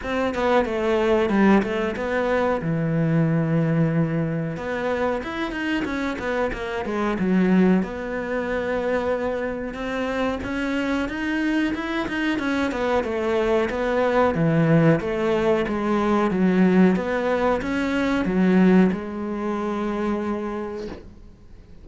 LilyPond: \new Staff \with { instrumentName = "cello" } { \time 4/4 \tempo 4 = 92 c'8 b8 a4 g8 a8 b4 | e2. b4 | e'8 dis'8 cis'8 b8 ais8 gis8 fis4 | b2. c'4 |
cis'4 dis'4 e'8 dis'8 cis'8 b8 | a4 b4 e4 a4 | gis4 fis4 b4 cis'4 | fis4 gis2. | }